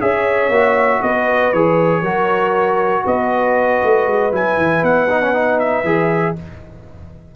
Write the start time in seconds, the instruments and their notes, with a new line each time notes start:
0.00 tuba C#4, trombone G#4, horn C#5, trumpet E5
0.49 tuba A#3, trombone F#4
1.02 tuba B3, horn B4, trumpet D#5
1.53 tuba E3, trombone G#4, trumpet C#5
2.02 tuba F#3, trombone F#4, horn A#4
3.04 tuba B3, horn B4, trumpet D#5
3.84 tuba A3
4.06 tuba G#3
4.32 tuba F#3, trombone E4, trumpet G#5
4.57 tuba E3
4.83 tuba B3, trumpet F#5
5.09 trombone D#4
5.22 trombone C#4
5.34 trombone D#4
5.59 trumpet E5
5.84 tuba E3, trombone G#4